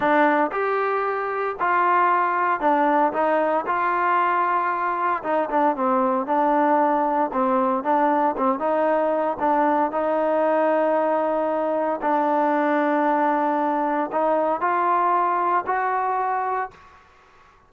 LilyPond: \new Staff \with { instrumentName = "trombone" } { \time 4/4 \tempo 4 = 115 d'4 g'2 f'4~ | f'4 d'4 dis'4 f'4~ | f'2 dis'8 d'8 c'4 | d'2 c'4 d'4 |
c'8 dis'4. d'4 dis'4~ | dis'2. d'4~ | d'2. dis'4 | f'2 fis'2 | }